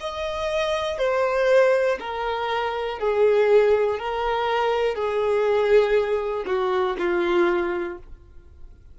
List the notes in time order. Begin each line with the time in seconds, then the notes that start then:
0.00 D#5
0.98 C5
2.00 A#4
2.99 G#4
3.99 A#4
4.95 G#4
6.46 F#4
6.98 F4